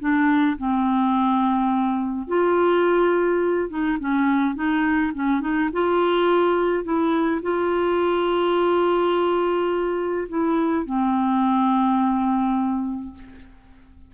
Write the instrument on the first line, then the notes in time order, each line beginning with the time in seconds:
clarinet
0.00 D4
0.58 C4
2.28 F4
3.70 D#4
3.99 C#4
4.55 D#4
5.14 C#4
5.41 D#4
5.73 F4
6.84 E4
7.42 F4
10.29 E4
10.86 C4